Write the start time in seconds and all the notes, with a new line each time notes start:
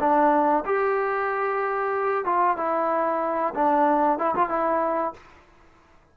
0.00 D4
0.65 G4
2.25 F4
2.57 E4
3.55 D4
4.19 E4
4.35 F4
4.49 E4